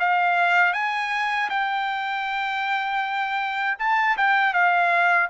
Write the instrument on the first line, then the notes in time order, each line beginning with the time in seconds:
trumpet
0.00 F5
0.74 G#5
1.50 G5
3.79 A5
4.18 G5
4.54 F5